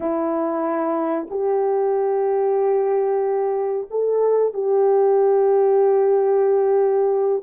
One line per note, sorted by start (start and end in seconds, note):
0.00 1.27 E4
1.30 3.88 G4
3.90 4.53 A4
4.53 7.43 G4